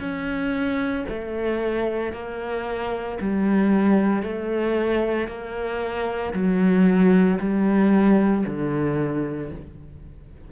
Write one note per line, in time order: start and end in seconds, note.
0.00 1.05 C#4
1.09 2.13 A3
2.13 3.19 A#3
3.21 4.23 G3
4.23 5.28 A3
5.28 6.33 A#3
6.34 7.39 F#3
7.40 8.45 G3
8.46 9.52 D3